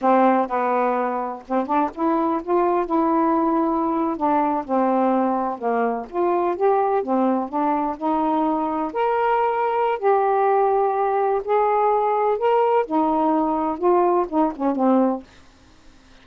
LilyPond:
\new Staff \with { instrumentName = "saxophone" } { \time 4/4 \tempo 4 = 126 c'4 b2 c'8 d'8 | e'4 f'4 e'2~ | e'8. d'4 c'2 ais16~ | ais8. f'4 g'4 c'4 d'16~ |
d'8. dis'2 ais'4~ ais'16~ | ais'4 g'2. | gis'2 ais'4 dis'4~ | dis'4 f'4 dis'8 cis'8 c'4 | }